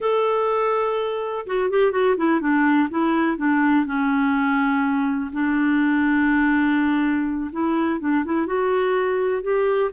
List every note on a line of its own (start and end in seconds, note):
0.00 1.45 A4
1.46 1.70 F#4
1.70 1.91 G4
1.91 2.15 F#4
2.17 2.40 E4
2.40 2.88 D4
2.89 3.37 E4
3.37 3.85 D4
3.85 5.30 C#4
5.32 7.50 D4
7.52 8.00 E4
8.00 8.24 D4
8.25 8.46 E4
8.46 9.42 F#4
9.42 9.90 G4